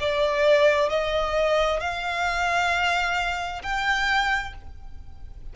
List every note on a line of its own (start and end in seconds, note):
0.00 0.90 D5
0.90 1.81 D#5
1.81 3.62 F5
3.63 4.54 G5